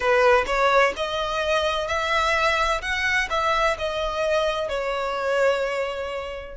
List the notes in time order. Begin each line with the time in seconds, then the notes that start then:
0.00 B4
0.46 C#5
0.96 D#5
1.87 E5
2.81 F#5
3.29 E5
3.78 D#5
4.68 C#5